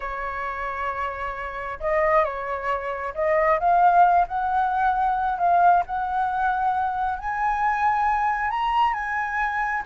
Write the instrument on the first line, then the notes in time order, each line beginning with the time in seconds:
flute
0.00 C#5
1.80 D#5
2.24 C#5
3.14 D#5
3.59 F5
4.27 F#5
5.38 F5
5.86 F#5
7.19 G#5
8.50 A#5
8.93 G#5